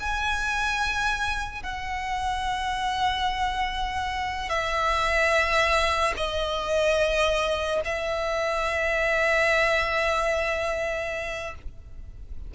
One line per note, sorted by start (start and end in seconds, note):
0.00 1.63 G#5
1.63 4.50 F#5
4.50 6.14 E5
6.17 7.81 D#5
7.85 11.55 E5